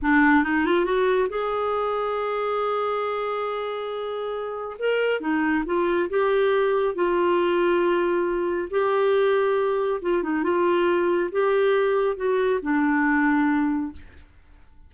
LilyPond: \new Staff \with { instrumentName = "clarinet" } { \time 4/4 \tempo 4 = 138 d'4 dis'8 f'8 fis'4 gis'4~ | gis'1~ | gis'2. ais'4 | dis'4 f'4 g'2 |
f'1 | g'2. f'8 dis'8 | f'2 g'2 | fis'4 d'2. | }